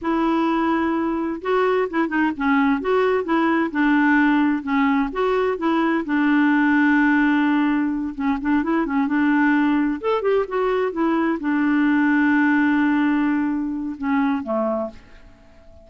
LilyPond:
\new Staff \with { instrumentName = "clarinet" } { \time 4/4 \tempo 4 = 129 e'2. fis'4 | e'8 dis'8 cis'4 fis'4 e'4 | d'2 cis'4 fis'4 | e'4 d'2.~ |
d'4. cis'8 d'8 e'8 cis'8 d'8~ | d'4. a'8 g'8 fis'4 e'8~ | e'8 d'2.~ d'8~ | d'2 cis'4 a4 | }